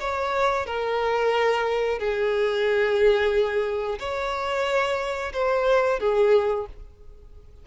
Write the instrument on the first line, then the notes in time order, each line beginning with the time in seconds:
violin
0.00 C#5
0.66 A#4
1.99 G#4
3.99 C#5
5.33 C5
6.00 G#4